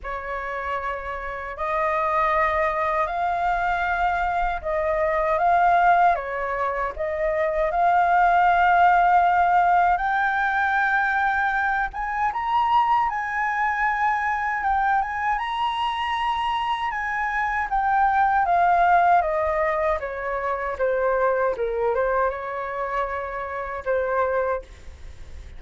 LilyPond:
\new Staff \with { instrumentName = "flute" } { \time 4/4 \tempo 4 = 78 cis''2 dis''2 | f''2 dis''4 f''4 | cis''4 dis''4 f''2~ | f''4 g''2~ g''8 gis''8 |
ais''4 gis''2 g''8 gis''8 | ais''2 gis''4 g''4 | f''4 dis''4 cis''4 c''4 | ais'8 c''8 cis''2 c''4 | }